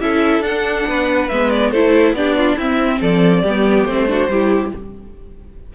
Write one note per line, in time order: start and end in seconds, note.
0.00 0.39 C#4
0.00 0.43 E4
0.00 0.88 A4
0.00 0.43 E5
0.39 0.82 D4
0.39 1.29 D4
0.39 1.28 F#5
0.87 1.29 B3
0.87 1.70 B4
1.28 1.72 G#3
1.28 1.74 B3
1.28 1.50 E5
1.50 1.71 D5
1.70 2.12 A3
1.70 2.16 E4
1.70 2.13 A4
1.70 2.14 C5
2.12 2.55 B3
2.12 2.59 D4
2.12 2.36 G4
2.12 2.57 D5
2.36 2.56 F4
2.56 3.00 C4
2.56 3.45 C4
2.56 2.99 E4
2.56 3.00 E5
3.01 3.44 F3
3.01 3.42 A4
3.01 3.85 D5
3.42 3.84 G3
3.42 4.06 G4
3.48 3.88 B3
3.84 4.27 A3
3.84 4.07 C4
3.84 4.70 C5
4.07 4.28 D4
4.07 4.30 F#4
4.28 4.71 G3
4.28 4.75 E4
4.28 4.73 G4